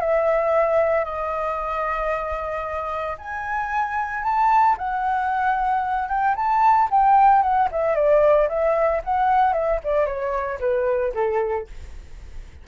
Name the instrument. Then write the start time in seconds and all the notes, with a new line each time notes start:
flute
0.00 E5
1.05 D#5
3.18 G#5
4.23 A5
4.77 F#5
6.08 G5
6.35 A5
6.91 G5
7.42 F#5
7.71 E5
7.95 D5
8.48 E5
9.04 F#5
9.53 E5
9.84 D5
10.06 C#5
10.60 B4
11.14 A4